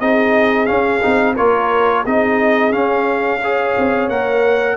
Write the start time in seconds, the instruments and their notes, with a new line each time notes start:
0.00 tuba C4, trombone D#4, horn G#4, trumpet D#5
0.66 trombone C#4, tuba C#4, trumpet F5
1.01 tuba C4, trombone D#4
1.35 tuba A#3, trombone F4, horn A#4, trumpet C#5
2.04 tuba C4, trombone D#4, horn G#4, trumpet D#5
2.71 trombone C#4, tuba C#4, trumpet F5
3.41 trombone G#4, horn C#5
3.78 tuba C4
4.08 tuba A#3, trombone A#4, trumpet F#5